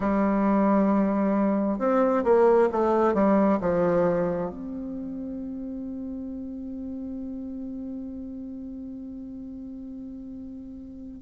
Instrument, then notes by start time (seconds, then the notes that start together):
bassoon
0.00 G3
1.79 C4
2.24 A#3
2.72 A3
3.13 G3
3.61 F3
4.50 C4